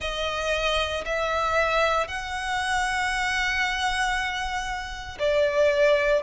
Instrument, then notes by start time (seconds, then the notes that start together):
violin
0.00 D#5
1.05 E5
2.07 F#5
5.19 D5